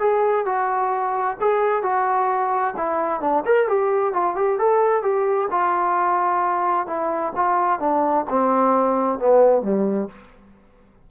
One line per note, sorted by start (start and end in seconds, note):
0.00 0.46 G#4
0.46 1.37 F#4
1.41 1.83 G#4
1.83 2.75 F#4
2.77 3.21 E4
3.21 3.44 D4
3.46 3.68 A#4
3.68 4.13 G4
4.13 4.36 F4
4.36 4.59 G4
4.59 5.03 A4
5.03 5.49 G4
5.51 6.87 F4
6.87 7.33 E4
7.36 7.80 F4
7.80 8.26 D4
8.30 9.20 C4
9.20 9.62 B3
9.62 10.08 G3